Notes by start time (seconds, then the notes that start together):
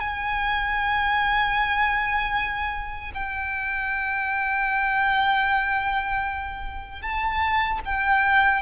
0.00 G#5
3.14 G5
7.01 A5
7.85 G5